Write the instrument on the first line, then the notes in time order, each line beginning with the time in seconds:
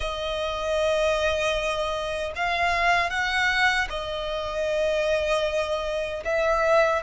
violin
0.00 D#5
2.35 F5
3.10 F#5
3.89 D#5
6.24 E5